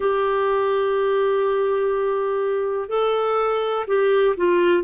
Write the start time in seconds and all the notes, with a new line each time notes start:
0.00 G4
2.89 A4
3.87 G4
4.36 F4